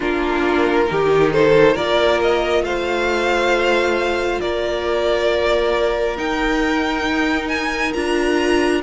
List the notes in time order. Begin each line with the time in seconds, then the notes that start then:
0.00 A#3 D4 F4 A#4
0.86 D#3 D#4 G4
1.32 A4 C5
1.74 A#3 F4 A#4 D5
2.21 D#5
2.62 A3 C5 F5
4.40 A#3 A#4 D5
6.16 D#4 G5
7.48 G#5
7.93 D4 F4 A#5